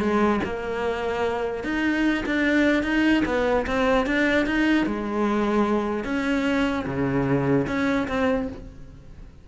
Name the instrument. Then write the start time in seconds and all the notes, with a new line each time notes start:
cello
0.00 G#3
0.44 A#3
1.64 D#4
2.26 D4
2.83 D#4
3.25 B3
3.67 C4
4.06 D4
4.46 D#4
4.86 G#3
6.04 C#4
6.86 C#3
7.67 C#4
8.08 C4